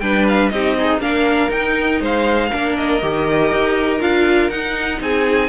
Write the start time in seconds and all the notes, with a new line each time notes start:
0.00 G3 D4 B4 G5
0.28 F5
0.50 C4 D#4 G4 D#5
0.77 D#4 G#4
0.98 A#3 D4 A#4 F5
1.50 D#4 G5
2.01 G#3 C5 F5
2.50 A#3 D4 A#4
2.77 D#5
3.02 D#3 G4
3.52 D#4
4.00 D4 F4 F5
4.50 D#4 F#5
5.01 C4 G#4 G#5